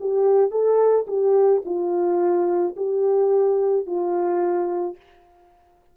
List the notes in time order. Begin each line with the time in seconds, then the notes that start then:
0.00 G4
0.51 A4
1.07 G4
1.65 F4
2.76 G4
3.86 F4